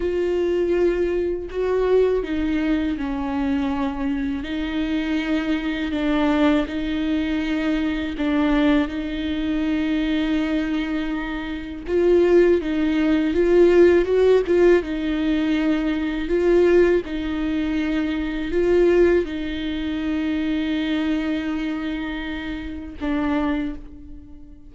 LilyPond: \new Staff \with { instrumentName = "viola" } { \time 4/4 \tempo 4 = 81 f'2 fis'4 dis'4 | cis'2 dis'2 | d'4 dis'2 d'4 | dis'1 |
f'4 dis'4 f'4 fis'8 f'8 | dis'2 f'4 dis'4~ | dis'4 f'4 dis'2~ | dis'2. d'4 | }